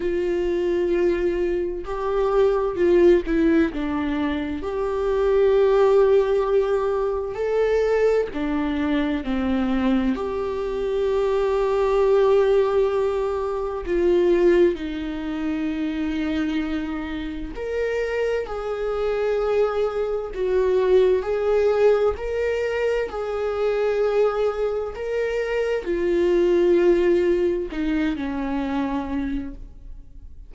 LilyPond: \new Staff \with { instrumentName = "viola" } { \time 4/4 \tempo 4 = 65 f'2 g'4 f'8 e'8 | d'4 g'2. | a'4 d'4 c'4 g'4~ | g'2. f'4 |
dis'2. ais'4 | gis'2 fis'4 gis'4 | ais'4 gis'2 ais'4 | f'2 dis'8 cis'4. | }